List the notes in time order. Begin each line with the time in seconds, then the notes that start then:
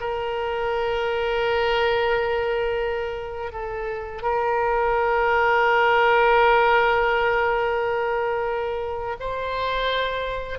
0.00 A#4
3.52 A4
4.22 A#4
9.19 C5